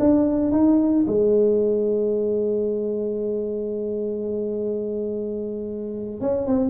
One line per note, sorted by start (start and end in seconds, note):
0.00 0.52 D4
0.52 1.06 D#4
1.08 6.21 G#3
6.21 6.47 C#4
6.47 6.70 C4